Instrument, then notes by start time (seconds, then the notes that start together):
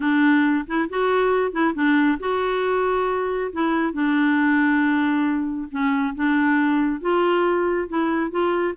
clarinet
0.00 D4
0.67 E4
0.89 F#4
1.51 E4
1.74 D4
2.19 F#4
3.52 E4
3.93 D4
5.70 C#4
6.15 D4
7.00 F4
7.88 E4
8.30 F4